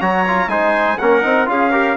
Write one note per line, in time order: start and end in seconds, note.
0.00 0.46 F#3
0.00 0.25 F#4
0.00 0.49 C#5
0.00 0.49 A#5
0.27 0.48 F4
0.46 0.96 G#3
0.46 0.98 D#4
0.46 0.99 C5
0.46 0.98 G#5
0.98 1.24 A#3
0.98 1.22 C#4
0.98 1.50 A#4
0.98 1.47 F#5
1.22 1.48 C4
1.22 1.45 D#4
1.45 1.96 C#4
1.45 1.70 F4
1.45 1.71 G#4
1.45 1.96 F5
1.71 1.96 G4
1.71 1.96 A#4